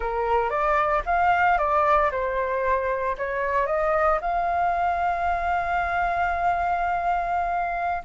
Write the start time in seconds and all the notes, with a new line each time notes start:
0.00 A#4
0.50 D5
1.05 F5
1.58 D5
2.11 C5
3.17 C#5
3.66 D#5
4.21 F5